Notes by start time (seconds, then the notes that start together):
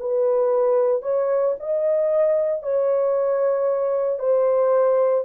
0.00 B4
1.02 C#5
1.60 D#5
2.63 C#5
4.19 C5